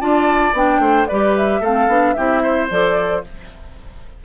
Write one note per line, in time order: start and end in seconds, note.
0.00 0.53 D4
0.00 0.54 F4
0.00 0.82 D5
0.00 0.54 A5
0.53 0.79 B3
0.53 1.08 D4
0.53 1.07 G5
0.79 1.06 A3
0.79 1.09 C5
1.07 1.61 G3
1.07 1.65 G4
1.07 1.61 B4
1.07 1.34 D5
1.37 1.64 E5
1.61 1.88 A3
1.61 1.90 C4
1.61 2.14 A4
1.61 2.14 F5
1.88 2.15 B3
1.88 2.17 D4
2.14 2.71 C4
2.14 2.70 E4
2.14 2.43 G4
2.14 2.67 E5
2.43 3.23 C5
2.70 3.24 F3
2.70 3.24 A4
2.70 3.25 D5